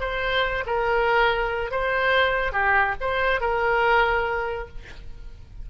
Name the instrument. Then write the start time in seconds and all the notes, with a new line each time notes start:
oboe
0.00 C5
0.66 A#4
1.71 C5
2.52 G4
3.01 C5
3.40 A#4